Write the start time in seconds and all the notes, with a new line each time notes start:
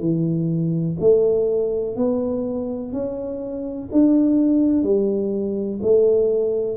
0.00 E3
1.00 A3
1.96 B3
2.93 C#4
3.92 D4
4.83 G3
5.83 A3